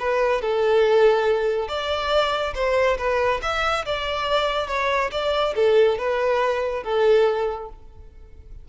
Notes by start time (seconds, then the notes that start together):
0.00 B4
0.42 A4
1.69 D5
2.55 C5
2.98 B4
3.43 E5
3.86 D5
4.68 C#5
5.12 D5
5.56 A4
5.99 B4
6.84 A4